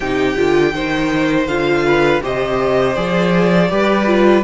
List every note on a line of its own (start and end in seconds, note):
0.00 0.36 C3
0.00 0.36 D#4
0.00 0.74 G4
0.00 1.46 G5
0.36 0.73 D3
0.36 0.73 F4
0.73 1.46 D#3
0.73 1.48 D#4
0.73 1.85 C5
1.46 2.21 D3
1.46 2.21 F4
1.46 2.21 F5
1.85 2.22 B4
2.21 2.96 C3
2.21 2.95 G4
2.21 3.70 C5
2.21 2.95 D#5
2.95 3.70 F3
2.95 3.69 G#4
2.95 4.43 D5
3.69 4.43 G3
3.69 4.06 G4
3.69 4.43 B4
4.06 4.43 F4